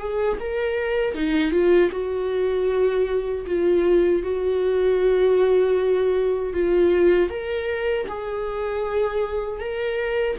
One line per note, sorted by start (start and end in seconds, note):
0.00 0.38 G#4
0.41 1.15 A#4
1.15 1.52 D#4
1.52 1.91 F4
1.92 3.46 F#4
3.46 4.23 F4
4.23 6.54 F#4
6.54 7.30 F4
7.30 8.07 A#4
8.09 9.60 G#4
9.60 10.37 A#4